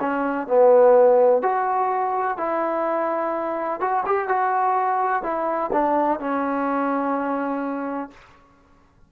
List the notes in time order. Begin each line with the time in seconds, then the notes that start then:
0.00 C#4
0.47 B3
1.42 F#4
2.38 E4
3.80 F#4
4.06 G4
4.28 F#4
5.23 E4
5.73 D4
6.20 C#4